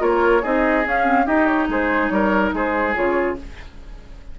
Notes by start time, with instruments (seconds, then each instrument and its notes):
0.00 bassoon A#3, clarinet F4, oboe A#4, flute C#5
0.42 bassoon C4, clarinet D#4, oboe G#4, flute D#5
0.84 clarinet C#4, bassoon C#4, flute F5
1.04 clarinet C4
1.26 clarinet D#4, bassoon D#4, oboe G4, flute D#5
1.46 flute C#5
1.68 bassoon G#3, oboe G#4, flute C5
2.09 bassoon G3, oboe A#4, flute C#5
2.53 bassoon G#3, oboe G#4, flute C5
2.94 bassoon C#3, clarinet F4, flute C#5